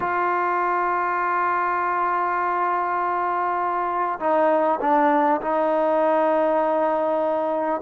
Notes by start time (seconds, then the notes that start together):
0.00 F4
4.19 D#4
4.80 D4
5.41 D#4